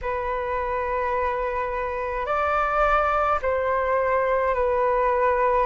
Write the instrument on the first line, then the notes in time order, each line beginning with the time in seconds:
flute
0.01 B4
2.26 D5
3.42 C5
4.54 B4